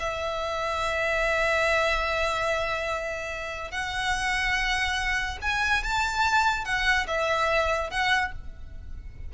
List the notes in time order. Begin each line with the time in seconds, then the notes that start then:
0.00 E5
3.71 F#5
5.42 G#5
5.84 A5
6.65 F#5
7.07 E5
7.91 F#5